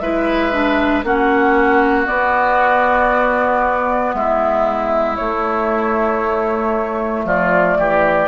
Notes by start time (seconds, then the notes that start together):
0.00 G#3 E4 B4 E5
0.52 D4
1.04 A#3 C#4 F#4 F#5
2.07 B3 D5
4.15 G#3 E4 E5
5.17 A3 C#5
7.25 F3 F4 D5
7.79 E3 G4